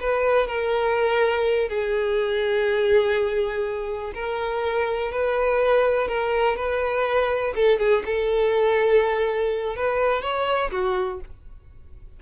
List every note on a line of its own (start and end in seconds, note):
0.00 0.47 B4
0.47 1.69 A#4
1.69 4.13 G#4
4.14 5.12 A#4
5.12 6.08 B4
6.08 6.56 A#4
6.56 7.54 B4
7.55 7.79 A4
7.79 8.03 G#4
8.06 9.76 A4
9.76 10.22 B4
10.22 10.71 C#5
10.71 11.20 F#4